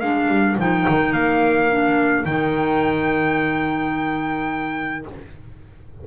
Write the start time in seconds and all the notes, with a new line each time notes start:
0.00 G#3 D4 A#4 F5
0.28 G3
0.57 F3 D#4 G5
0.89 D#3
1.13 A#3 F5
1.70 D4
2.25 D#3 D#4 G5